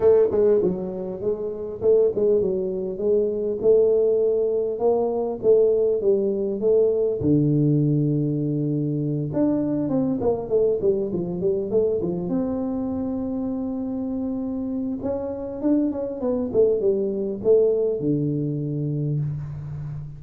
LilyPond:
\new Staff \with { instrumentName = "tuba" } { \time 4/4 \tempo 4 = 100 a8 gis8 fis4 gis4 a8 gis8 | fis4 gis4 a2 | ais4 a4 g4 a4 | d2.~ d8 d'8~ |
d'8 c'8 ais8 a8 g8 f8 g8 a8 | f8 c'2.~ c'8~ | c'4 cis'4 d'8 cis'8 b8 a8 | g4 a4 d2 | }